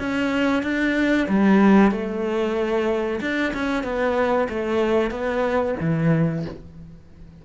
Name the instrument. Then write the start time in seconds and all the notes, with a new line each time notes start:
cello
0.00 C#4
0.63 D4
1.29 G3
1.91 A3
3.21 D4
3.54 C#4
3.84 B3
4.50 A3
5.11 B3
5.81 E3